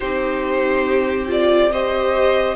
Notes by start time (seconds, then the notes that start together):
0.00 C4 D#4 G4 C5
1.27 F4 D5
1.71 G4 C5 D#5